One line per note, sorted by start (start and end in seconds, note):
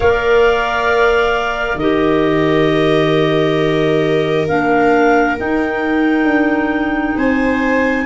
0.00 1.75 A#3
0.00 1.77 A#4
0.00 1.79 D5
0.00 1.78 F5
1.75 4.43 D#3
1.75 4.49 G4
1.75 7.16 A#4
1.75 4.46 D#5
4.47 5.39 A#3
4.47 5.37 D4
4.47 5.37 F5
5.37 8.05 D#4
5.37 6.24 D#4
5.37 7.18 G5
6.24 7.13 D4
7.16 8.05 C4
7.16 8.05 C5
7.16 8.05 G#5